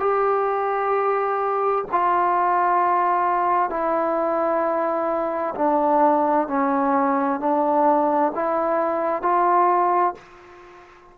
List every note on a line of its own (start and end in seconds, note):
0.00 1.85 G4
1.91 3.70 F4
3.70 5.55 E4
5.56 6.48 D4
6.48 7.40 C#4
7.40 8.32 D4
8.35 9.23 E4
9.23 10.15 F4